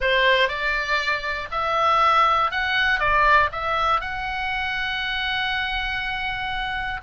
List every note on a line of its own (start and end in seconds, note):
0.00 0.48 C5
0.48 1.48 D5
1.51 2.51 E5
2.51 2.99 F#5
2.99 3.49 D5
3.52 4.00 E5
4.00 7.00 F#5